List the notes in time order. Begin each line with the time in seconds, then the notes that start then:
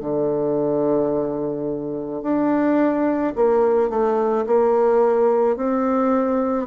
0.00 D3
2.22 D4
3.35 A#3
3.89 A3
4.46 A#3
5.56 C4